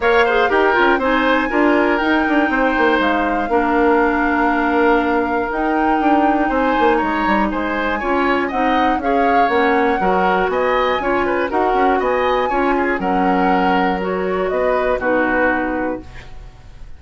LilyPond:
<<
  \new Staff \with { instrumentName = "flute" } { \time 4/4 \tempo 4 = 120 f''4 g''4 gis''2 | g''2 f''2~ | f''2. g''4~ | g''4 gis''4 ais''4 gis''4~ |
gis''4 fis''4 f''4 fis''4~ | fis''4 gis''2 fis''4 | gis''2 fis''2 | cis''4 dis''4 b'2 | }
  \new Staff \with { instrumentName = "oboe" } { \time 4/4 cis''8 c''8 ais'4 c''4 ais'4~ | ais'4 c''2 ais'4~ | ais'1~ | ais'4 c''4 cis''4 c''4 |
cis''4 dis''4 cis''2 | ais'4 dis''4 cis''8 b'8 ais'4 | dis''4 cis''8 gis'8 ais'2~ | ais'4 b'4 fis'2 | }
  \new Staff \with { instrumentName = "clarinet" } { \time 4/4 ais'8 gis'8 g'8 f'8 dis'4 f'4 | dis'2. d'4~ | d'2. dis'4~ | dis'1 |
f'4 dis'4 gis'4 cis'4 | fis'2 f'4 fis'4~ | fis'4 f'4 cis'2 | fis'2 dis'2 | }
  \new Staff \with { instrumentName = "bassoon" } { \time 4/4 ais4 dis'8 cis'8 c'4 d'4 | dis'8 d'8 c'8 ais8 gis4 ais4~ | ais2. dis'4 | d'4 c'8 ais8 gis8 g8 gis4 |
cis'4 c'4 cis'4 ais4 | fis4 b4 cis'4 dis'8 cis'8 | b4 cis'4 fis2~ | fis4 b4 b,2 | }
>>